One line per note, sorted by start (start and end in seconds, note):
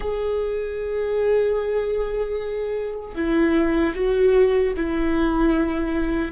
0.00 3.14 G#4
3.14 3.93 E4
3.94 4.73 F#4
4.76 6.31 E4